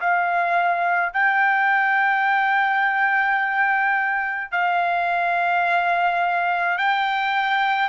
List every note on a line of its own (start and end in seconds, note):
0.00 1.13 F5
1.13 4.51 G5
4.51 6.78 F5
6.78 7.89 G5